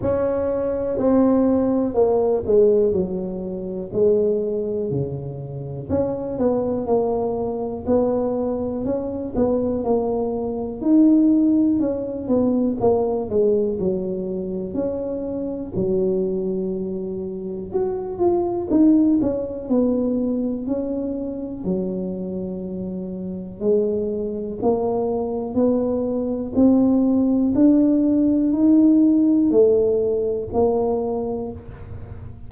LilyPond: \new Staff \with { instrumentName = "tuba" } { \time 4/4 \tempo 4 = 61 cis'4 c'4 ais8 gis8 fis4 | gis4 cis4 cis'8 b8 ais4 | b4 cis'8 b8 ais4 dis'4 | cis'8 b8 ais8 gis8 fis4 cis'4 |
fis2 fis'8 f'8 dis'8 cis'8 | b4 cis'4 fis2 | gis4 ais4 b4 c'4 | d'4 dis'4 a4 ais4 | }